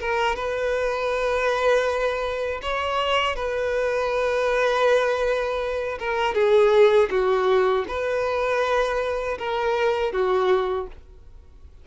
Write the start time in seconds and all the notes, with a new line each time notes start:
0.00 A#4
0.35 B4
2.62 C#5
3.35 B4
5.99 A#4
6.34 G#4
7.10 F#4
7.88 B4
9.38 A#4
10.12 F#4